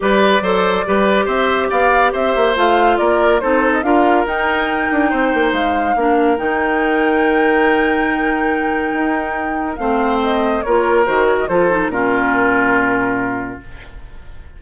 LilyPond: <<
  \new Staff \with { instrumentName = "flute" } { \time 4/4 \tempo 4 = 141 d''2. e''4 | f''4 e''4 f''4 d''4 | c''8. dis''16 f''4 g''2~ | g''4 f''2 g''4~ |
g''1~ | g''2. f''4 | dis''4 cis''4 c''8 cis''16 dis''16 c''4 | ais'1 | }
  \new Staff \with { instrumentName = "oboe" } { \time 4/4 b'4 c''4 b'4 c''4 | d''4 c''2 ais'4 | a'4 ais'2. | c''2 ais'2~ |
ais'1~ | ais'2. c''4~ | c''4 ais'2 a'4 | f'1 | }
  \new Staff \with { instrumentName = "clarinet" } { \time 4/4 g'4 a'4 g'2~ | g'2 f'2 | dis'4 f'4 dis'2~ | dis'2 d'4 dis'4~ |
dis'1~ | dis'2. c'4~ | c'4 f'4 fis'4 f'8 dis'8 | cis'1 | }
  \new Staff \with { instrumentName = "bassoon" } { \time 4/4 g4 fis4 g4 c'4 | b4 c'8 ais8 a4 ais4 | c'4 d'4 dis'4. d'8 | c'8 ais8 gis4 ais4 dis4~ |
dis1~ | dis4 dis'2 a4~ | a4 ais4 dis4 f4 | ais,1 | }
>>